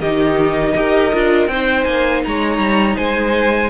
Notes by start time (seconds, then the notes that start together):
0.00 D#3 D#4 G4 D#5
0.76 D#4 G4 A#4
1.14 D4 F4
1.47 C4 D#4 C5 G5
1.84 A#3 G#5
2.24 G#3 C#5 A#5
2.58 G3
2.96 G#3 C5 G#5